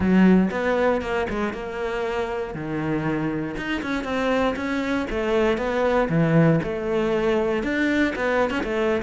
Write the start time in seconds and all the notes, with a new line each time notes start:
0.00 F#3
0.50 B3
1.01 A#3
1.29 G#3
1.53 A#3
2.54 D#3
3.56 D#4
3.82 C#4
4.04 C4
4.55 C#4
5.10 A3
5.57 B3
6.09 E3
6.63 A3
7.63 D4
8.15 B3
8.50 C#4
8.63 A3